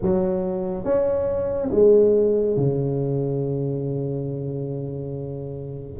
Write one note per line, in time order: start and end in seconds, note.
0.02 0.84 F#3
0.84 1.69 C#4
1.71 2.56 G#3
2.56 5.99 C#3